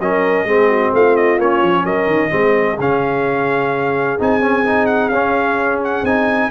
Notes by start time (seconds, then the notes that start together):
0.00 F#3 C#4 A#4 D#5
0.45 G#3 C4 G#4
0.69 F#4
0.93 A3 F4 F5
1.16 D#5
1.39 A#3 C#4 C#5
1.62 F3
1.85 F#3 A#4 D#5
2.07 D#3
2.31 G#3 C4 G#4
2.79 C#3 C#4 F5
4.19 C4 D#4 G#5
4.41 C#4
4.65 D#4
4.87 F#5
5.09 C#4 F5
5.84 F#5
6.03 C4 D#4 G#5